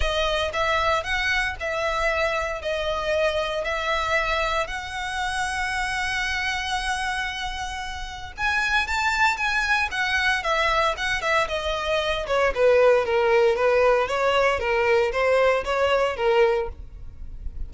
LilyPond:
\new Staff \with { instrumentName = "violin" } { \time 4/4 \tempo 4 = 115 dis''4 e''4 fis''4 e''4~ | e''4 dis''2 e''4~ | e''4 fis''2.~ | fis''1 |
gis''4 a''4 gis''4 fis''4 | e''4 fis''8 e''8 dis''4. cis''8 | b'4 ais'4 b'4 cis''4 | ais'4 c''4 cis''4 ais'4 | }